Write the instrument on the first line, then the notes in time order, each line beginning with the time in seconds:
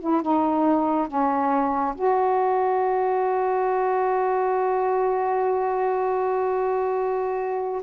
saxophone
0.00 E4
0.22 D#4
1.08 C#4
1.95 F#4